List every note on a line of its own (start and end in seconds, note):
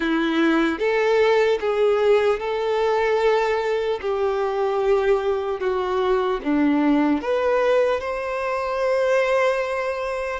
0.00 0.79 E4
0.79 1.59 A4
1.60 2.39 G#4
2.39 3.99 A4
4.01 5.60 G4
5.60 6.40 F#4
6.43 7.21 D4
7.21 8.00 B4
8.00 10.40 C5